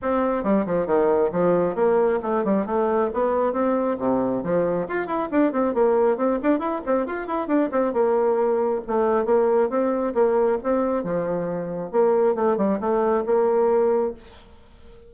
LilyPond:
\new Staff \with { instrumentName = "bassoon" } { \time 4/4 \tempo 4 = 136 c'4 g8 f8 dis4 f4 | ais4 a8 g8 a4 b4 | c'4 c4 f4 f'8 e'8 | d'8 c'8 ais4 c'8 d'8 e'8 c'8 |
f'8 e'8 d'8 c'8 ais2 | a4 ais4 c'4 ais4 | c'4 f2 ais4 | a8 g8 a4 ais2 | }